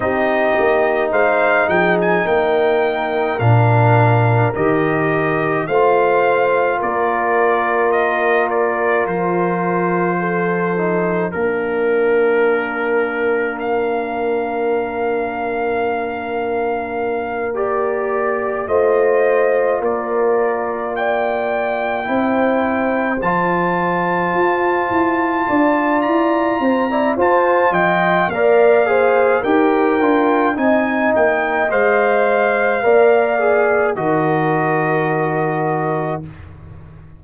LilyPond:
<<
  \new Staff \with { instrumentName = "trumpet" } { \time 4/4 \tempo 4 = 53 dis''4 f''8 g''16 gis''16 g''4 f''4 | dis''4 f''4 d''4 dis''8 d''8 | c''2 ais'2 | f''2.~ f''8 d''8~ |
d''8 dis''4 d''4 g''4.~ | g''8 a''2~ a''8 ais''4 | a''8 g''8 f''4 g''4 gis''8 g''8 | f''2 dis''2 | }
  \new Staff \with { instrumentName = "horn" } { \time 4/4 g'4 c''8 gis'8 ais'2~ | ais'4 c''4 ais'2~ | ais'4 a'4 ais'2~ | ais'1~ |
ais'8 c''4 ais'4 d''4 c''8~ | c''2~ c''8 d''4 c''16 d''16 | c''8 dis''8 d''8 c''8 ais'4 dis''4~ | dis''4 d''4 ais'2 | }
  \new Staff \with { instrumentName = "trombone" } { \time 4/4 dis'2. d'4 | g'4 f'2.~ | f'4. dis'8 d'2~ | d'2.~ d'8 g'8~ |
g'8 f'2. e'8~ | e'8 f'2.~ f'16 e'16 | f'4 ais'8 gis'8 g'8 f'8 dis'4 | c''4 ais'8 gis'8 fis'2 | }
  \new Staff \with { instrumentName = "tuba" } { \time 4/4 c'8 ais8 gis8 f8 ais4 ais,4 | dis4 a4 ais2 | f2 ais2~ | ais1~ |
ais8 a4 ais2 c'8~ | c'8 f4 f'8 e'8 d'8 e'8 c'8 | f'8 f8 ais4 dis'8 d'8 c'8 ais8 | gis4 ais4 dis2 | }
>>